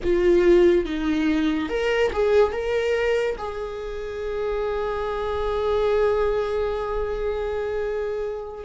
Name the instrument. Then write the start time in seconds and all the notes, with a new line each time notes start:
viola
0.03 F4
0.85 D#4
1.69 A#4
2.12 G#4
2.51 A#4
3.38 G#4